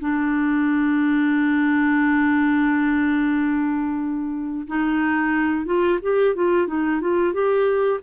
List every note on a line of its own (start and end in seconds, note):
0.00 4.67 D4
4.67 5.66 D#4
5.66 5.99 F4
6.02 6.35 G4
6.35 6.68 F4
6.68 7.01 D#4
7.01 7.33 F4
7.33 8.00 G4